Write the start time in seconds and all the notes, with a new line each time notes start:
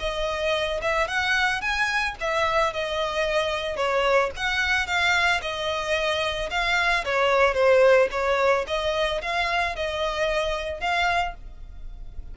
0.00 D#5
0.82 E5
1.08 F#5
1.61 G#5
2.21 E5
2.73 D#5
3.77 C#5
4.36 F#5
4.87 F5
5.42 D#5
6.50 F5
7.05 C#5
7.54 C5
8.11 C#5
8.68 D#5
9.22 F5
9.76 D#5
10.81 F5